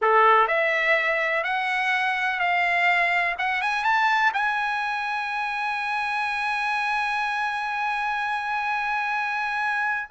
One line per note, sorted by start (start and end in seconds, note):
0.01 0.47 A4
0.47 1.43 E5
1.43 2.39 F#5
2.39 3.35 F5
3.38 3.61 F#5
3.61 3.84 G#5
3.84 4.32 A5
4.33 10.09 G#5